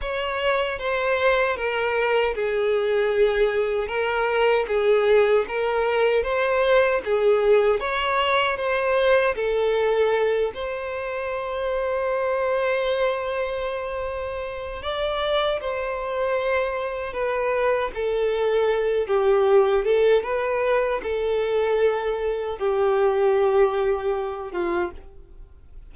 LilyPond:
\new Staff \with { instrumentName = "violin" } { \time 4/4 \tempo 4 = 77 cis''4 c''4 ais'4 gis'4~ | gis'4 ais'4 gis'4 ais'4 | c''4 gis'4 cis''4 c''4 | a'4. c''2~ c''8~ |
c''2. d''4 | c''2 b'4 a'4~ | a'8 g'4 a'8 b'4 a'4~ | a'4 g'2~ g'8 f'8 | }